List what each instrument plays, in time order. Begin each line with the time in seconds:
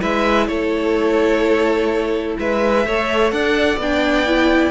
0.00 cello G#3, viola E4, violin B4 E5
0.47 cello A3, violin A4 C#5
2.38 cello G#3, violin B4 E5
2.86 cello A3, viola A4, violin C#5
3.31 cello D4, violin D5 F#5
3.77 cello B3, viola D4, violin G5
4.26 viola E4